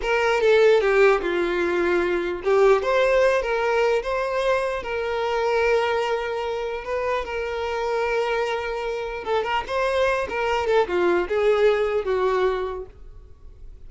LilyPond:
\new Staff \with { instrumentName = "violin" } { \time 4/4 \tempo 4 = 149 ais'4 a'4 g'4 f'4~ | f'2 g'4 c''4~ | c''8 ais'4. c''2 | ais'1~ |
ais'4 b'4 ais'2~ | ais'2. a'8 ais'8 | c''4. ais'4 a'8 f'4 | gis'2 fis'2 | }